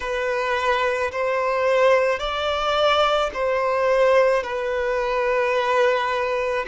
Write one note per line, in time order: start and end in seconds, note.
0.00 1.11 B4
1.11 2.19 C5
2.19 3.30 D5
3.33 4.43 C5
4.43 6.65 B4